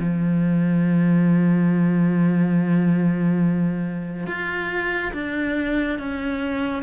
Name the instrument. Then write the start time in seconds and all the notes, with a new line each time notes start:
cello
0.00 F3
4.27 F4
5.14 D4
5.99 C#4